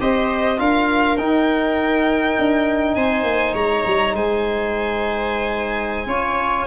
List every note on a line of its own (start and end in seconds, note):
0.00 0.60 C4
0.00 0.58 G4
0.00 0.61 C5
0.00 0.60 D#5
0.58 1.19 D4
0.58 1.17 F4
0.58 2.98 A#4
0.58 1.18 F5
1.18 2.38 D#4
1.18 6.08 D#4
1.18 2.95 G5
2.39 2.97 D4
2.95 3.24 C4
2.95 3.54 C5
2.95 3.54 G#5
3.24 3.53 A#3
3.54 3.84 G#3
3.54 4.13 C#5
3.54 4.15 A#5
3.87 4.14 G3
4.14 6.07 G#3
4.14 6.08 C5
4.14 6.67 G#5
6.07 6.66 C#4
6.07 6.67 F4
6.07 6.67 C#5